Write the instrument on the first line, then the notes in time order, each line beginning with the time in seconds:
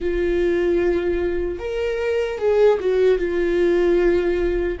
viola
0.00 F4
1.59 A#4
2.38 G#4
2.80 F#4
3.18 F4